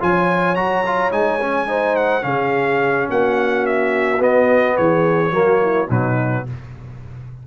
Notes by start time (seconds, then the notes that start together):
0.00 F3 F4 C#5 G#5
0.55 F#3 F#4 A#5
0.86 F4
1.11 G#3 D#4 G#5
1.41 C#4
1.67 D#4 C5
1.96 F#5
2.21 C#3 C#4 G#4 F5
3.08 A#3 F#4 F#5
3.66 E5
4.19 B3 D#5
4.77 E3 G#4 C#5
5.31 F#3 A#3 F#4
5.61 E4
5.88 B2 F#3 D#4 B4